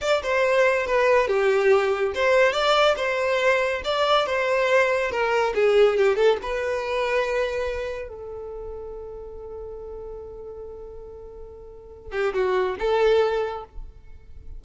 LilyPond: \new Staff \with { instrumentName = "violin" } { \time 4/4 \tempo 4 = 141 d''8 c''4. b'4 g'4~ | g'4 c''4 d''4 c''4~ | c''4 d''4 c''2 | ais'4 gis'4 g'8 a'8 b'4~ |
b'2. a'4~ | a'1~ | a'1~ | a'8 g'8 fis'4 a'2 | }